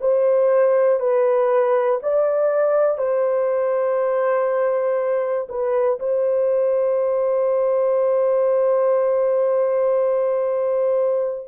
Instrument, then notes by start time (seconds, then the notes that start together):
horn
0.00 C5
1.00 B4
2.02 D5
2.97 C5
5.49 B4
5.99 C5